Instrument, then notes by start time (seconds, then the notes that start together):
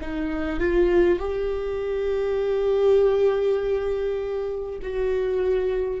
viola
0.00 D#4
0.59 F4
1.19 G4
4.82 F#4